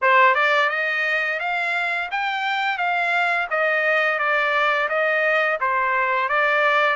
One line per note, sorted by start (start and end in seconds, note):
0.01 0.35 C5
0.35 0.69 D5
0.69 1.39 D#5
1.39 2.09 F5
2.11 2.77 G5
2.77 3.47 F5
3.50 4.18 D#5
4.18 4.88 D5
4.88 5.58 D#5
5.60 6.28 C5
6.28 6.95 D5